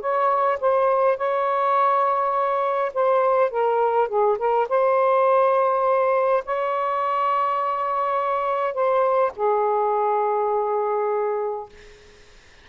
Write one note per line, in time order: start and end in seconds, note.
0.00 0.58 C#5
0.60 1.17 C5
1.17 2.92 C#5
2.94 3.50 C5
3.50 4.09 A#4
4.09 4.38 G#4
4.38 4.67 A#4
4.69 6.43 C5
6.45 8.74 C#5
8.74 9.32 C5
9.36 11.69 G#4